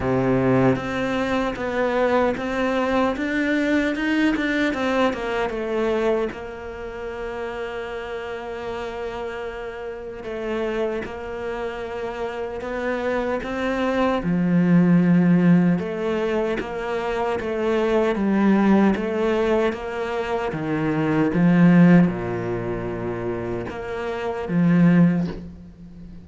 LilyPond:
\new Staff \with { instrumentName = "cello" } { \time 4/4 \tempo 4 = 76 c4 c'4 b4 c'4 | d'4 dis'8 d'8 c'8 ais8 a4 | ais1~ | ais4 a4 ais2 |
b4 c'4 f2 | a4 ais4 a4 g4 | a4 ais4 dis4 f4 | ais,2 ais4 f4 | }